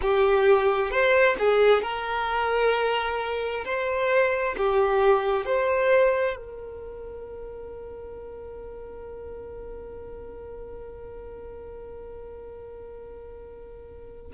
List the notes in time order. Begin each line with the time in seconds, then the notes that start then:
0.01 G4
0.90 C5
1.38 G#4
1.82 A#4
3.64 C5
4.57 G4
5.45 C5
6.36 A#4